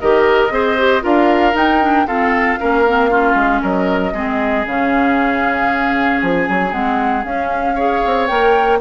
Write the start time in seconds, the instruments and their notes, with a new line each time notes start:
0.00 bassoon D#3, clarinet G4, oboe A#4, flute D#5
0.50 bassoon C4, clarinet G#4, oboe C5
0.78 clarinet G4
1.02 bassoon D4, clarinet F4, oboe A#4, flute F5
1.54 clarinet D#4, bassoon D#4, flute G5
1.81 clarinet D4
2.07 clarinet C4, bassoon F4, oboe A4, flute F5
2.59 bassoon A#3, clarinet C#4, oboe A#4
2.88 clarinet C4
3.10 clarinet C#4, oboe F4
3.35 bassoon G#3
3.62 bassoon F#3, oboe A#4, flute D#5
4.13 bassoon G#3, clarinet C4, oboe G#4
4.66 bassoon C#3, clarinet C#4, flute F5
6.21 bassoon F3, flute G#5
6.49 bassoon F#3
6.72 bassoon G#3, clarinet C4, flute F#5
7.24 bassoon C#4, clarinet C#4, flute F5
7.75 clarinet G#4, oboe C#5
8.06 bassoon C4
8.27 bassoon A#3, clarinet A#4, flute G5